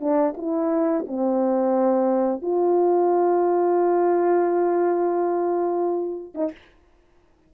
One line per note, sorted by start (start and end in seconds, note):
0.00 0.34 D4
0.37 1.05 E4
1.07 2.42 C4
2.42 6.34 F4
6.34 6.51 D#4